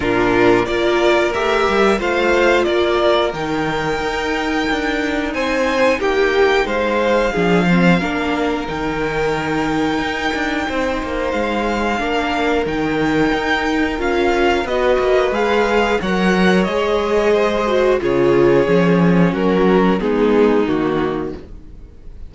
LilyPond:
<<
  \new Staff \with { instrumentName = "violin" } { \time 4/4 \tempo 4 = 90 ais'4 d''4 e''4 f''4 | d''4 g''2. | gis''4 g''4 f''2~ | f''4 g''2.~ |
g''4 f''2 g''4~ | g''4 f''4 dis''4 f''4 | fis''4 dis''2 cis''4~ | cis''4 ais'4 gis'4 fis'4 | }
  \new Staff \with { instrumentName = "violin" } { \time 4/4 f'4 ais'2 c''4 | ais'1 | c''4 g'4 c''4 gis'8 c''8 | ais'1 |
c''2 ais'2~ | ais'2 b'2 | cis''2 c''4 gis'4~ | gis'4 fis'4 dis'2 | }
  \new Staff \with { instrumentName = "viola" } { \time 4/4 d'4 f'4 g'4 f'4~ | f'4 dis'2.~ | dis'2. d'8 c'8 | d'4 dis'2.~ |
dis'2 d'4 dis'4~ | dis'4 f'4 fis'4 gis'4 | ais'4 gis'4. fis'8 f'4 | cis'2 b4 ais4 | }
  \new Staff \with { instrumentName = "cello" } { \time 4/4 ais,4 ais4 a8 g8 a4 | ais4 dis4 dis'4 d'4 | c'4 ais4 gis4 f4 | ais4 dis2 dis'8 d'8 |
c'8 ais8 gis4 ais4 dis4 | dis'4 cis'4 b8 ais8 gis4 | fis4 gis2 cis4 | f4 fis4 gis4 dis4 | }
>>